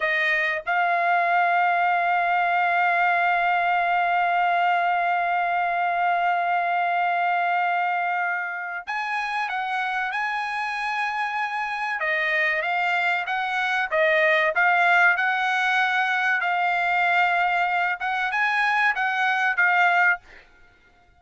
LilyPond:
\new Staff \with { instrumentName = "trumpet" } { \time 4/4 \tempo 4 = 95 dis''4 f''2.~ | f''1~ | f''1~ | f''2 gis''4 fis''4 |
gis''2. dis''4 | f''4 fis''4 dis''4 f''4 | fis''2 f''2~ | f''8 fis''8 gis''4 fis''4 f''4 | }